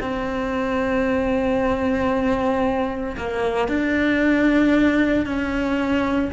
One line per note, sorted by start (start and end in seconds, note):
0.00 3.16 C4
3.17 3.68 A#3
3.68 5.25 D4
5.25 6.31 C#4